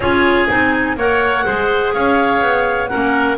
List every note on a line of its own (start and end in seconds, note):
0.00 0.47 C#4
0.00 0.48 F4
0.00 0.96 G#4
0.00 0.48 C#5
0.48 0.96 C4
0.48 0.97 D#4
0.48 0.96 G#5
0.96 1.45 A#3
0.96 1.45 A#4
0.96 1.45 C#5
0.96 1.93 F#5
1.45 1.93 G#3
1.45 2.88 G#4
1.45 1.94 C5
1.93 2.41 C#4
1.93 2.90 C#5
1.93 2.88 F5
2.41 2.89 B3
2.88 3.37 C#4
2.88 3.37 A#4
2.88 3.36 F#5
2.94 3.37 A#3